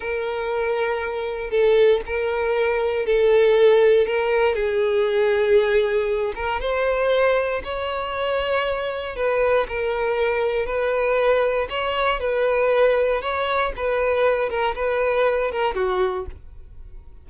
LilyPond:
\new Staff \with { instrumentName = "violin" } { \time 4/4 \tempo 4 = 118 ais'2. a'4 | ais'2 a'2 | ais'4 gis'2.~ | gis'8 ais'8 c''2 cis''4~ |
cis''2 b'4 ais'4~ | ais'4 b'2 cis''4 | b'2 cis''4 b'4~ | b'8 ais'8 b'4. ais'8 fis'4 | }